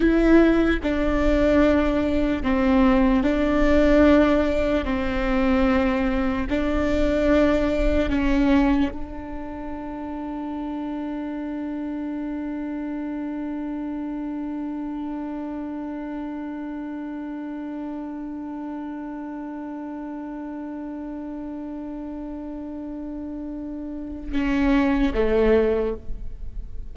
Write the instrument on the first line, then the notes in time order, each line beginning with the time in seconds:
viola
0.00 E4
0.83 D4
2.43 C4
3.22 D4
4.84 C4
6.49 D4
8.09 C#4
8.91 D4
24.32 C#4
25.14 A3